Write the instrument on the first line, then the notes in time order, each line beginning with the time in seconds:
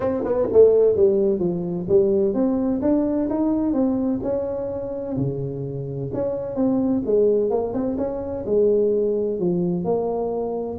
tuba
0.00 C4
0.24 B3
0.52 A3
0.95 G3
1.39 F3
1.88 G3
2.34 C4
2.81 D4
3.29 D#4
3.73 C4
4.22 C#4
5.16 C#3
6.13 C#4
6.55 C4
7.05 G#3
7.50 A#3
7.73 C4
7.97 C#4
8.45 G#3
9.39 F3
9.84 A#3